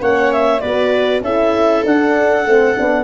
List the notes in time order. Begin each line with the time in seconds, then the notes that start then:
0.00 A#3 C#4 C#5 F#5
0.32 E5
0.60 B3 F#4 B4 D5
1.20 C#4 E4 A4 E5
1.85 D4 F#5
2.45 A3 C4
2.75 B3 D4